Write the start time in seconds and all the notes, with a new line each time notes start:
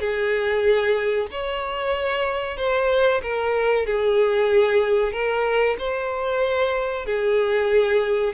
0.00 G#4
1.31 C#5
2.57 C5
3.22 A#4
3.86 G#4
5.12 A#4
5.78 C5
7.05 G#4